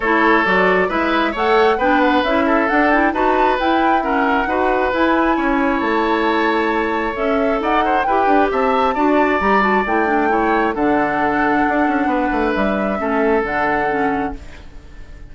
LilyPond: <<
  \new Staff \with { instrumentName = "flute" } { \time 4/4 \tempo 4 = 134 cis''4 d''4 e''4 fis''4 | g''8 fis''8 e''4 fis''8 g''8 a''4 | g''4 fis''2 gis''4~ | gis''4 a''2. |
e''4 fis''4 g''4 a''4~ | a''4 ais''8 a''8 g''2 | fis''1 | e''2 fis''2 | }
  \new Staff \with { instrumentName = "oboe" } { \time 4/4 a'2 b'4 cis''4 | b'4. a'4. b'4~ | b'4 ais'4 b'2 | cis''1~ |
cis''4 d''8 c''8 b'4 e''4 | d''2. cis''4 | a'2. b'4~ | b'4 a'2. | }
  \new Staff \with { instrumentName = "clarinet" } { \time 4/4 e'4 fis'4 e'4 a'4 | d'4 e'4 d'8 e'8 fis'4 | e'4 cis'4 fis'4 e'4~ | e'1 |
a'2 g'2 | fis'4 g'8 fis'8 e'8 d'8 e'4 | d'1~ | d'4 cis'4 d'4 cis'4 | }
  \new Staff \with { instrumentName = "bassoon" } { \time 4/4 a4 fis4 gis4 a4 | b4 cis'4 d'4 dis'4 | e'2 dis'4 e'4 | cis'4 a2. |
cis'4 dis'4 e'8 d'8 c'4 | d'4 g4 a2 | d2 d'8 cis'8 b8 a8 | g4 a4 d2 | }
>>